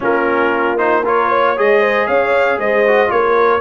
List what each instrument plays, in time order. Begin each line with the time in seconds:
0.00 tuba A#3, trombone C#4, horn F4, trumpet A#4
0.77 trombone D#4, trumpet C5
1.03 trombone F4, horn A#4, trumpet C#5
1.29 horn C#5
1.56 tuba G#3, trombone G#4, trumpet D#5
1.80 horn C5
2.06 tuba C#4, horn C#5, trumpet F5
2.57 tuba G#3, horn C5, trumpet D#5
2.87 trombone F#4
3.07 tuba A#3, trombone F4, horn A#4, trumpet C#5